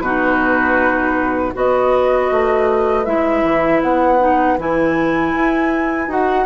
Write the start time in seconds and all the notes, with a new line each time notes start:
0.00 B2 D#4 F#4 B4
1.54 B3 F#4 B4 D#5
2.31 A3
3.05 G#3 E4 E5
3.43 E3
3.82 B3 F#5
4.19 D#4
4.58 E3 E4 G#5
5.34 E4
6.08 D#4 F#4 F#5